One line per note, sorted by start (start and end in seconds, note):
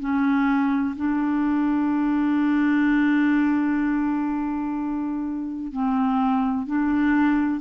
0.00 0.95 C#4
0.97 5.72 D4
5.72 6.67 C4
6.67 7.61 D4